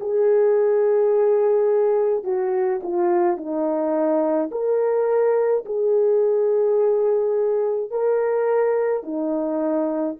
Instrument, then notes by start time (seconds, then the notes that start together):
horn
0.00 G#4
2.24 F#4
2.83 F4
3.37 D#4
4.51 A#4
5.65 G#4
7.90 A#4
9.03 D#4